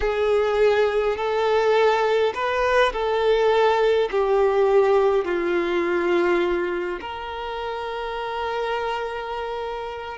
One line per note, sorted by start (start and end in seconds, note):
0.00 1.17 G#4
1.17 2.33 A4
2.34 2.92 B4
2.92 4.09 A4
4.11 5.24 G4
5.24 6.99 F4
7.00 10.17 A#4